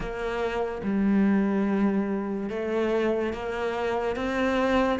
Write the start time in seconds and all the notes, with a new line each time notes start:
0.00 A#3
0.83 G3
2.49 A3
3.33 A#3
4.16 C4